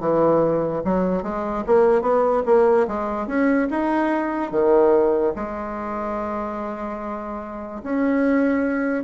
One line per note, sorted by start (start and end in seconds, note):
0.00 0.82 E3
0.84 1.23 F#3
1.23 1.64 G#3
1.67 2.02 A#3
2.02 2.43 B3
2.46 2.87 A#3
2.88 3.27 G#3
3.27 3.68 C#4
3.71 4.51 D#4
4.51 5.33 D#3
5.35 7.82 G#3
7.83 9.04 C#4